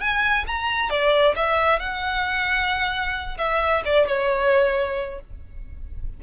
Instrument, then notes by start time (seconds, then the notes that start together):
violin
0.00 G#5
0.47 A#5
0.90 D5
1.36 E5
1.79 F#5
3.38 E5
3.85 D5
4.07 C#5